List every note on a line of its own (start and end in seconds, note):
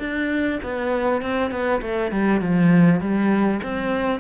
0.00 0.60 D4
0.64 1.22 B3
1.22 1.52 C4
1.52 1.82 B3
1.82 2.12 A3
2.12 2.41 G3
2.41 3.01 F3
3.01 3.61 G3
3.64 4.21 C4